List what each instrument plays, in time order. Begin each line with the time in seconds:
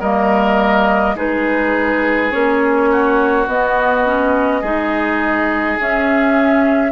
0.00 bassoon G3, clarinet A#3, oboe A#4, flute D#5
1.16 bassoon G#3, clarinet D#4, oboe G#4, flute B4
2.31 bassoon A#3, clarinet C#4, flute C#5
2.92 oboe F#4
3.47 bassoon B3, clarinet B3, flute D#5
4.06 clarinet C#4
4.61 bassoon G#3, clarinet D#4, oboe G#4
5.79 bassoon C#4, clarinet C#4, flute E5